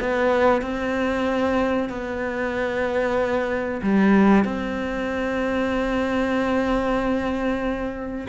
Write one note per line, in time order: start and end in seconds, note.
0.00 0.62 B3
0.62 1.89 C4
1.89 3.81 B3
3.83 4.44 G3
4.44 8.28 C4